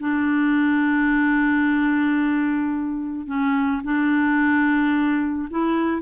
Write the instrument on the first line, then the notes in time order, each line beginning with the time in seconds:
clarinet
0.00 D4
3.27 C#4
3.84 D4
5.50 E4